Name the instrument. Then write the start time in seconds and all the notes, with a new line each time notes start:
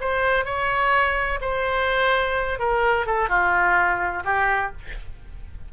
oboe
0.00 C5
0.45 C#5
1.41 C5
2.59 A#4
3.06 A4
3.29 F4
4.25 G4